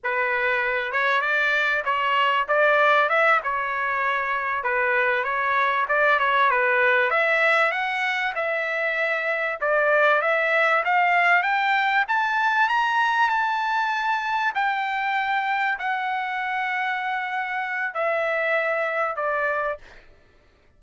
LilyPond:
\new Staff \with { instrumentName = "trumpet" } { \time 4/4 \tempo 4 = 97 b'4. cis''8 d''4 cis''4 | d''4 e''8 cis''2 b'8~ | b'8 cis''4 d''8 cis''8 b'4 e''8~ | e''8 fis''4 e''2 d''8~ |
d''8 e''4 f''4 g''4 a''8~ | a''8 ais''4 a''2 g''8~ | g''4. fis''2~ fis''8~ | fis''4 e''2 d''4 | }